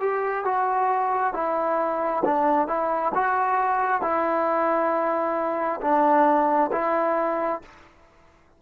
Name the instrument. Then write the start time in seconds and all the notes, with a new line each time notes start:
trombone
0.00 G4
0.45 F#4
1.34 E4
2.25 D4
2.67 E4
3.14 F#4
4.01 E4
5.81 D4
6.72 E4